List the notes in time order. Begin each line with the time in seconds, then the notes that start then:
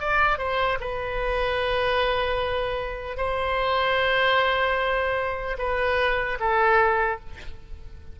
0.00 D5
0.39 C5
0.81 B4
3.17 C5
5.59 B4
6.40 A4